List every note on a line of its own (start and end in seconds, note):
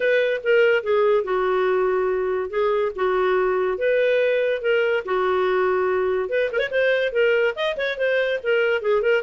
0.00 0.41 B4
0.43 0.83 A#4
0.83 1.24 G#4
1.24 2.50 F#4
2.50 2.92 G#4
2.95 3.78 F#4
3.78 4.61 B4
4.61 5.03 A#4
5.05 6.29 F#4
6.29 6.50 B4
6.51 6.59 A#4
6.59 6.69 C#5
6.70 7.12 C5
7.12 7.54 A#4
7.55 7.76 D#5
7.76 7.97 C#5
7.97 8.39 C5
8.43 8.81 A#4
8.81 9.02 G#4
9.02 9.23 A#4